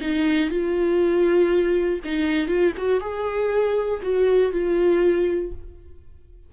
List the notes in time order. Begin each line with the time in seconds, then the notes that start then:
0.00 D#4
0.50 F4
2.04 D#4
2.47 F4
2.77 F#4
3.00 G#4
4.02 F#4
4.52 F4